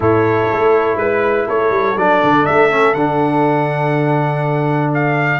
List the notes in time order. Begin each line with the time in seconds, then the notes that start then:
0.00 A2 E4 A4 C#5
0.51 A3
0.96 G#3 B4
1.46 A3 A4 C#5
1.70 G3
1.96 F#3 D4 D5
2.23 D3
2.45 A3 E5
2.70 C#4
2.94 D3 D4 F#5
4.94 F5